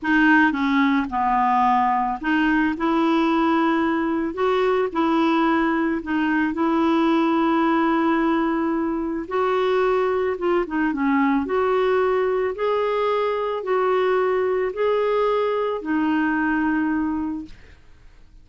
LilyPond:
\new Staff \with { instrumentName = "clarinet" } { \time 4/4 \tempo 4 = 110 dis'4 cis'4 b2 | dis'4 e'2. | fis'4 e'2 dis'4 | e'1~ |
e'4 fis'2 f'8 dis'8 | cis'4 fis'2 gis'4~ | gis'4 fis'2 gis'4~ | gis'4 dis'2. | }